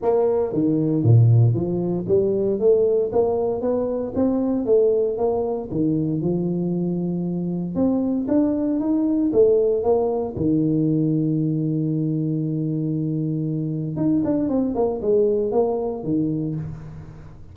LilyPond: \new Staff \with { instrumentName = "tuba" } { \time 4/4 \tempo 4 = 116 ais4 dis4 ais,4 f4 | g4 a4 ais4 b4 | c'4 a4 ais4 dis4 | f2. c'4 |
d'4 dis'4 a4 ais4 | dis1~ | dis2. dis'8 d'8 | c'8 ais8 gis4 ais4 dis4 | }